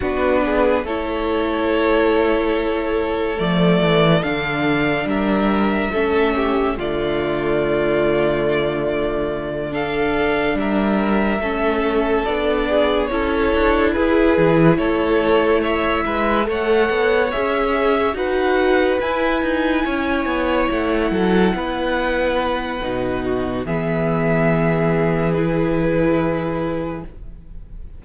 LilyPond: <<
  \new Staff \with { instrumentName = "violin" } { \time 4/4 \tempo 4 = 71 b'4 cis''2. | d''4 f''4 e''2 | d''2.~ d''8 f''8~ | f''8 e''2 d''4 cis''8~ |
cis''8 b'4 cis''4 e''4 fis''8~ | fis''8 e''4 fis''4 gis''4.~ | gis''8 fis''2.~ fis''8 | e''2 b'2 | }
  \new Staff \with { instrumentName = "violin" } { \time 4/4 fis'8 gis'8 a'2.~ | a'2 ais'4 a'8 g'8 | f'2.~ f'8 a'8~ | a'8 ais'4 a'4. gis'8 a'8~ |
a'8 gis'4 a'4 cis''8 b'8 cis''8~ | cis''4. b'2 cis''8~ | cis''4 a'8 b'2 fis'8 | gis'1 | }
  \new Staff \with { instrumentName = "viola" } { \time 4/4 d'4 e'2. | a4 d'2 cis'4 | a2.~ a8 d'8~ | d'4. cis'4 d'4 e'8~ |
e'2.~ e'8 a'8~ | a'8 gis'4 fis'4 e'4.~ | e'2. dis'4 | b2 e'2 | }
  \new Staff \with { instrumentName = "cello" } { \time 4/4 b4 a2. | f8 e8 d4 g4 a4 | d1~ | d8 g4 a4 b4 cis'8 |
d'8 e'8 e8 a4. gis8 a8 | b8 cis'4 dis'4 e'8 dis'8 cis'8 | b8 a8 fis8 b4. b,4 | e1 | }
>>